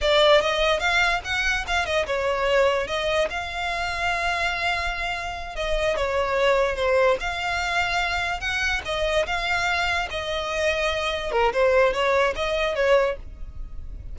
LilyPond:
\new Staff \with { instrumentName = "violin" } { \time 4/4 \tempo 4 = 146 d''4 dis''4 f''4 fis''4 | f''8 dis''8 cis''2 dis''4 | f''1~ | f''4. dis''4 cis''4.~ |
cis''8 c''4 f''2~ f''8~ | f''8 fis''4 dis''4 f''4.~ | f''8 dis''2. ais'8 | c''4 cis''4 dis''4 cis''4 | }